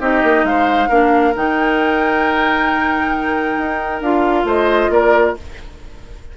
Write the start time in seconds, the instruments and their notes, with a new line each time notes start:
0.00 bassoon C4, clarinet D#4, oboe G4, flute D#5
0.23 bassoon A#3
0.43 bassoon G#3, oboe C5, flute F5
0.88 bassoon A#3, clarinet D4, oboe A#4
1.35 bassoon D#3, clarinet D#4, flute G5
3.57 bassoon D#4
4.01 bassoon D4, clarinet F4, flute F5
4.44 bassoon A3, oboe C5, flute D#5
4.90 bassoon A#3, oboe A#4, flute D5